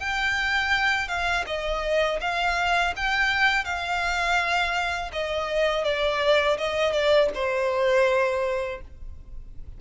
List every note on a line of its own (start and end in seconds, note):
0.00 1.08 G5
1.08 1.45 F5
1.47 2.20 D#5
2.21 2.94 F5
2.97 3.65 G5
3.65 5.11 F5
5.13 5.84 D#5
5.84 6.58 D5
6.58 6.93 D#5
6.93 7.29 D5
7.35 8.81 C5